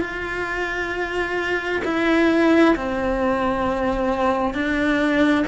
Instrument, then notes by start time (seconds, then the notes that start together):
cello
0.00 F4
1.84 E4
2.76 C4
4.54 D4